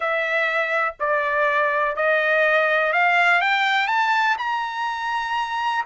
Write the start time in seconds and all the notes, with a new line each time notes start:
0.00 E5
0.99 D5
1.96 D#5
2.92 F5
3.41 G5
3.87 A5
4.38 A#5